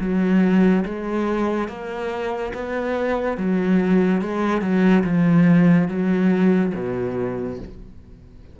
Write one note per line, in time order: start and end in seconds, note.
0.00 0.85 F#3
0.85 1.68 G#3
1.68 2.53 A#3
2.54 3.37 B3
3.37 4.21 F#3
4.21 4.61 G#3
4.61 5.04 F#3
5.04 5.88 F3
5.88 6.73 F#3
6.75 7.59 B2